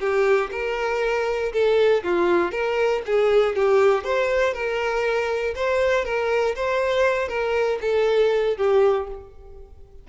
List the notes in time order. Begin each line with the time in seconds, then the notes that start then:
0.00 G4
0.52 A#4
1.52 A4
2.04 F4
2.51 A#4
3.05 G#4
3.55 G4
4.04 C5
4.54 A#4
5.55 C5
6.05 A#4
6.55 C5
7.28 A#4
7.81 A4
8.57 G4